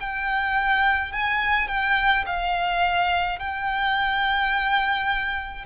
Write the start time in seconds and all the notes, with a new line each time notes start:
0.00 G5
1.12 G#5
1.68 G5
2.26 F5
3.39 G5